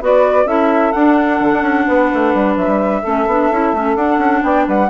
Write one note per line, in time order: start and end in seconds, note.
0.00 0.45 B3
0.00 0.47 F#4
0.00 0.45 B4
0.00 0.47 D5
0.45 0.91 C#4
0.45 0.93 E4
0.45 1.85 A4
0.45 0.92 E5
0.92 3.03 D4
0.92 1.40 D4
0.92 2.55 F#5
1.40 1.52 D3
1.53 1.61 D4
1.61 1.84 C#4
1.86 2.11 B3
1.86 3.01 B4
2.14 2.34 A3
2.34 2.57 G3
2.56 2.66 F#3
2.56 3.96 E5
2.66 3.01 G3
3.01 3.26 A3
3.01 3.27 C#4
3.01 4.41 A4
3.26 3.50 B3
3.26 3.52 D4
3.51 3.72 C#4
3.51 3.75 E4
3.72 3.95 A3
3.72 3.96 C#4
3.95 4.17 D4
3.95 4.89 D4
3.95 4.42 F#5
4.17 4.41 C#4
4.43 4.67 B3
4.43 4.65 D5
4.43 4.66 G5
4.65 4.89 G3
4.65 4.88 B4
4.65 4.89 F#5